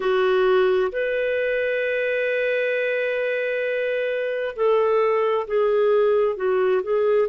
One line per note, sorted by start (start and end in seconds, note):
0.00 0.91 F#4
0.92 4.55 B4
4.55 5.46 A4
5.47 6.36 G#4
6.36 6.81 F#4
6.82 7.28 G#4